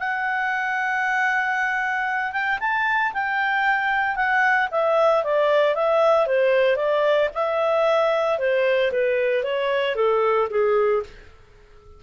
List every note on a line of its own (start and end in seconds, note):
0.00 2.33 F#5
2.33 2.59 G5
2.61 3.13 A5
3.14 4.17 G5
4.17 4.69 F#5
4.72 5.24 E5
5.24 5.76 D5
5.76 6.27 E5
6.27 6.77 C5
6.77 7.29 D5
7.35 8.39 E5
8.39 8.92 C5
8.92 9.44 B4
9.44 9.96 C#5
9.96 10.49 A4
10.51 11.03 G#4